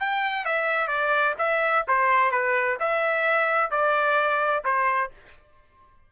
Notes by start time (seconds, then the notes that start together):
0.00 G5
0.46 E5
0.88 D5
1.39 E5
1.88 C5
2.31 B4
2.80 E5
3.71 D5
4.64 C5